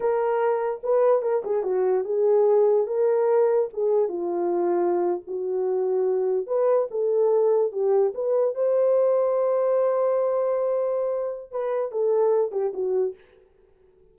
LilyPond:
\new Staff \with { instrumentName = "horn" } { \time 4/4 \tempo 4 = 146 ais'2 b'4 ais'8 gis'8 | fis'4 gis'2 ais'4~ | ais'4 gis'4 f'2~ | f'8. fis'2. b'16~ |
b'8. a'2 g'4 b'16~ | b'8. c''2.~ c''16~ | c''1 | b'4 a'4. g'8 fis'4 | }